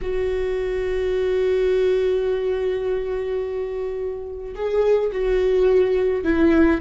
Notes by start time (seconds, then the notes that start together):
0.01 F#4
4.54 G#4
5.11 F#4
6.24 E4